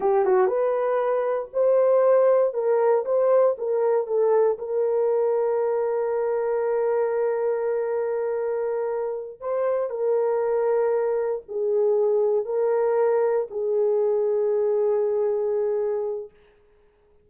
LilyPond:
\new Staff \with { instrumentName = "horn" } { \time 4/4 \tempo 4 = 118 g'8 fis'8 b'2 c''4~ | c''4 ais'4 c''4 ais'4 | a'4 ais'2.~ | ais'1~ |
ais'2~ ais'8 c''4 ais'8~ | ais'2~ ais'8 gis'4.~ | gis'8 ais'2 gis'4.~ | gis'1 | }